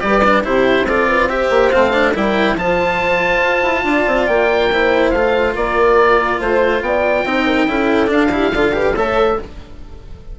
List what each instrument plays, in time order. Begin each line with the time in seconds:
0.00 bassoon G3, cello G4, horn B4, oboe D5
0.24 cello D4
0.44 bassoon C3, cello E4, horn G4, oboe C5
0.83 bassoon C4, cello F4, horn A4, oboe D5
1.08 horn B4
1.29 cello G4, horn C5, oboe E5
1.50 bassoon A#3
1.70 bassoon A3, cello C4, oboe F5
1.93 cello D4
2.14 bassoon G3, cello E4, horn A#4, oboe G5
2.56 bassoon F3, cello F4, horn C5, oboe A5
3.43 bassoon F4
3.63 bassoon E4
3.84 bassoon D4, horn D5
4.07 bassoon C4
4.27 bassoon A#3, oboe G5
4.72 cello E4, horn C5
5.11 bassoon A3, cello F4, oboe F5
5.54 bassoon A#3, horn A#4, oboe D5
6.40 bassoon A3, horn C5, oboe C5
6.81 bassoon B3, horn D5, oboe G5
7.25 bassoon C4, cello D#4, horn C5
7.47 horn A#4
7.67 bassoon C#4, cello E4, horn A4
8.07 cello D4, bassoon D4, oboe F5
8.32 cello E4, horn G4
8.52 bassoon D3, cello F4, horn A4
8.73 cello G4, horn B4
8.96 bassoon A3, cello A4, horn C#5, oboe E5